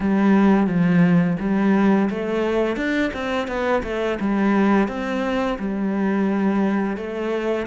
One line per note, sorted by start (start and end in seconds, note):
0.00 0.67 G3
0.67 1.36 F3
1.39 2.09 G3
2.10 2.76 A3
2.76 3.11 D4
3.13 3.47 C4
3.47 3.82 B3
3.83 4.18 A3
4.20 4.87 G3
4.87 5.57 C4
5.58 6.96 G3
6.96 7.66 A3